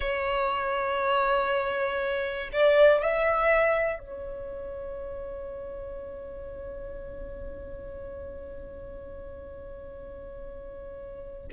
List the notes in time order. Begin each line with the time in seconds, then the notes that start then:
0.00 C#5
2.52 D5
3.02 E5
3.99 C#5